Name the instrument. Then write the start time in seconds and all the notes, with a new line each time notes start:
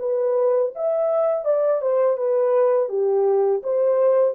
horn
0.00 B4
0.76 E5
1.45 D5
1.82 C5
2.18 B4
2.89 G4
3.64 C5